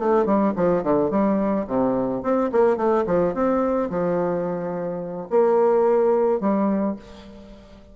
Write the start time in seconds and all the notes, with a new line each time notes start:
0.00 A3
0.26 G3
0.57 F3
0.84 D3
1.11 G3
1.68 C3
2.23 C4
2.53 A#3
2.77 A3
3.07 F3
3.34 C4
3.90 F3
5.31 A#3
6.41 G3